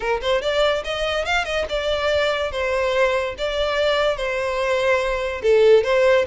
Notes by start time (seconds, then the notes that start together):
0.00 A#4
0.21 C5
0.41 D5
0.84 D#5
1.25 F5
1.45 D#5
1.69 D5
2.51 C5
3.37 D5
4.16 C5
5.42 A4
5.83 C5